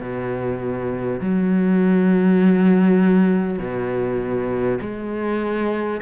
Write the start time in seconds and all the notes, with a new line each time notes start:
0.00 B2
1.20 F#3
3.58 B2
4.81 G#3